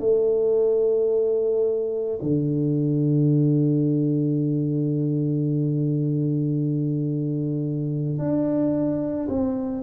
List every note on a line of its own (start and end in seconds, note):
0.00 2.18 A3
2.22 8.19 D3
8.19 9.28 D4
9.29 9.83 C4